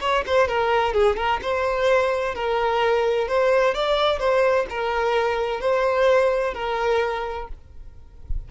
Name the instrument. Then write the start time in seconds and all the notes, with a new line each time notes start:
violin
0.00 C#5
0.26 C5
0.48 A#4
0.93 G#4
1.16 A#4
1.41 C5
2.34 A#4
3.27 C5
3.74 D5
4.19 C5
4.69 A#4
5.60 C5
6.54 A#4